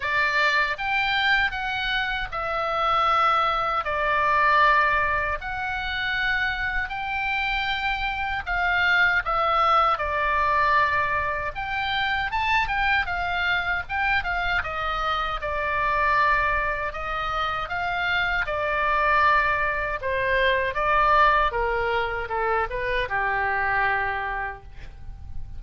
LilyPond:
\new Staff \with { instrumentName = "oboe" } { \time 4/4 \tempo 4 = 78 d''4 g''4 fis''4 e''4~ | e''4 d''2 fis''4~ | fis''4 g''2 f''4 | e''4 d''2 g''4 |
a''8 g''8 f''4 g''8 f''8 dis''4 | d''2 dis''4 f''4 | d''2 c''4 d''4 | ais'4 a'8 b'8 g'2 | }